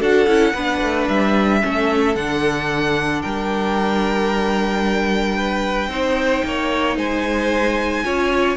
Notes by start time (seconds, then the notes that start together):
0.00 D4 F#4 A4 F#5
0.27 C#4 E4
0.53 B3 D4 B4
0.82 A3
1.08 G3 E5
1.61 A3 C#4 A4
2.15 D3 D4 F#5
3.22 G3 A#4 G5
5.36 B4
5.88 C4 D#4 C5
6.45 A#3 C#5
6.97 G#3 C5 G#5
8.04 C#4 F4 C#5